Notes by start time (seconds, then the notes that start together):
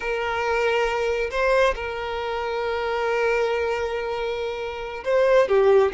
0.00 A#4
1.30 C5
1.75 A#4
5.04 C5
5.48 G4